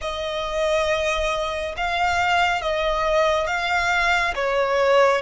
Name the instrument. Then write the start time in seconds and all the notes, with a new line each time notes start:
violin
0.01 D#5
1.76 F5
2.61 D#5
3.47 F5
4.35 C#5